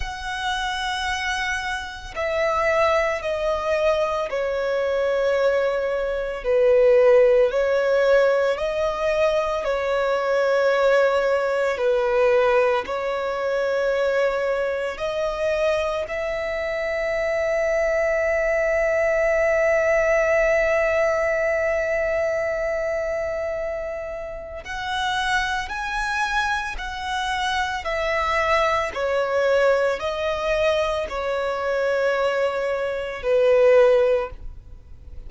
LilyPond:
\new Staff \with { instrumentName = "violin" } { \time 4/4 \tempo 4 = 56 fis''2 e''4 dis''4 | cis''2 b'4 cis''4 | dis''4 cis''2 b'4 | cis''2 dis''4 e''4~ |
e''1~ | e''2. fis''4 | gis''4 fis''4 e''4 cis''4 | dis''4 cis''2 b'4 | }